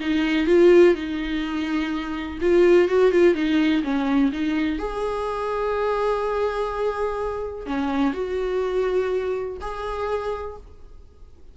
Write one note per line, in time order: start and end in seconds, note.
0.00 0.47 D#4
0.47 0.94 F4
0.94 2.38 D#4
2.41 2.88 F4
2.88 3.11 F#4
3.11 3.34 F4
3.34 3.82 D#4
3.83 4.31 C#4
4.32 4.79 D#4
4.79 7.66 G#4
7.66 8.13 C#4
8.13 9.57 F#4
9.61 10.57 G#4